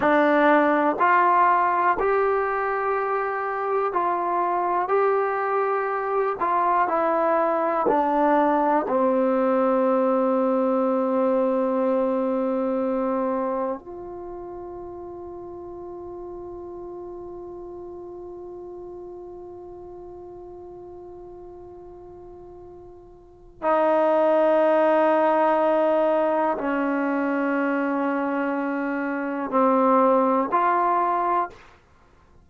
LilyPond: \new Staff \with { instrumentName = "trombone" } { \time 4/4 \tempo 4 = 61 d'4 f'4 g'2 | f'4 g'4. f'8 e'4 | d'4 c'2.~ | c'2 f'2~ |
f'1~ | f'1 | dis'2. cis'4~ | cis'2 c'4 f'4 | }